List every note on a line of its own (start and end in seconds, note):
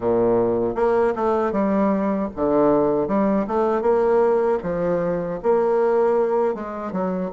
0.00 0.75 A#2
0.75 1.13 A#3
1.15 1.51 A3
1.51 2.28 G3
2.36 3.07 D3
3.07 3.46 G3
3.47 3.81 A3
3.81 4.58 A#3
4.63 5.40 F3
5.42 6.54 A#3
6.54 6.92 G#3
6.92 7.30 F#3